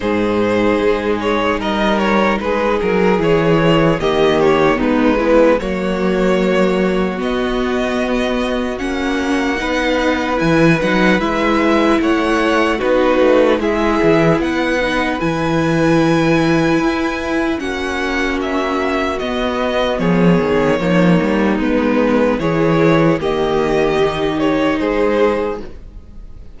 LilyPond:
<<
  \new Staff \with { instrumentName = "violin" } { \time 4/4 \tempo 4 = 75 c''4. cis''8 dis''8 cis''8 b'8 ais'8 | cis''4 dis''8 cis''8 b'4 cis''4~ | cis''4 dis''2 fis''4~ | fis''4 gis''8 fis''8 e''4 fis''4 |
b'4 e''4 fis''4 gis''4~ | gis''2 fis''4 e''4 | dis''4 cis''2 b'4 | cis''4 dis''4. cis''8 c''4 | }
  \new Staff \with { instrumentName = "violin" } { \time 4/4 gis'2 ais'4 gis'4~ | gis'4 g'4 dis'8 b8 fis'4~ | fis'1 | b'2. cis''4 |
fis'4 gis'4 b'2~ | b'2 fis'2~ | fis'4 gis'4 dis'2 | gis'4 g'2 gis'4 | }
  \new Staff \with { instrumentName = "viola" } { \time 4/4 dis'1 | e'4 ais4 b8 e'8 ais4~ | ais4 b2 cis'4 | dis'4 e'8 dis'8 e'2 |
dis'4 e'4. dis'8 e'4~ | e'2 cis'2 | b2 ais4 b4 | e'4 ais4 dis'2 | }
  \new Staff \with { instrumentName = "cello" } { \time 4/4 gis,4 gis4 g4 gis8 fis8 | e4 dis4 gis4 fis4~ | fis4 b2 ais4 | b4 e8 fis8 gis4 a4 |
b8 a8 gis8 e8 b4 e4~ | e4 e'4 ais2 | b4 f8 dis8 f8 g8 gis4 | e4 dis2 gis4 | }
>>